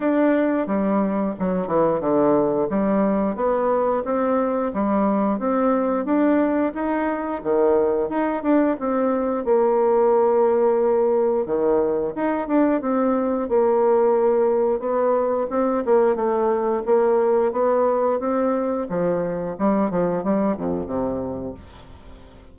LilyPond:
\new Staff \with { instrumentName = "bassoon" } { \time 4/4 \tempo 4 = 89 d'4 g4 fis8 e8 d4 | g4 b4 c'4 g4 | c'4 d'4 dis'4 dis4 | dis'8 d'8 c'4 ais2~ |
ais4 dis4 dis'8 d'8 c'4 | ais2 b4 c'8 ais8 | a4 ais4 b4 c'4 | f4 g8 f8 g8 f,8 c4 | }